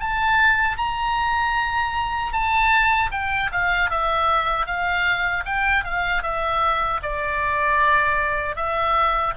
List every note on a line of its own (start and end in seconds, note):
0.00 0.78 A5
0.78 2.33 A#5
2.33 3.11 A5
3.12 3.51 G5
3.52 3.90 F5
3.90 4.66 E5
4.66 5.44 F5
5.45 5.84 G5
5.84 6.23 F5
6.23 7.01 E5
7.03 8.56 D5
8.56 9.34 E5